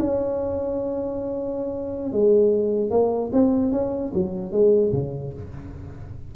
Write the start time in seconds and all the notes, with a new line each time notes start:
0.00 C#4
2.13 G#3
2.91 A#3
3.33 C4
3.72 C#4
4.14 F#3
4.52 G#3
4.93 C#3